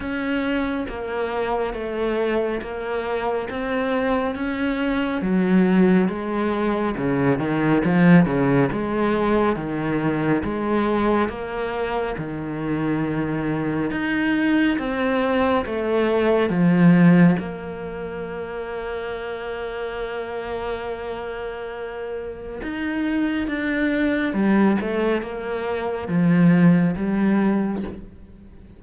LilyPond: \new Staff \with { instrumentName = "cello" } { \time 4/4 \tempo 4 = 69 cis'4 ais4 a4 ais4 | c'4 cis'4 fis4 gis4 | cis8 dis8 f8 cis8 gis4 dis4 | gis4 ais4 dis2 |
dis'4 c'4 a4 f4 | ais1~ | ais2 dis'4 d'4 | g8 a8 ais4 f4 g4 | }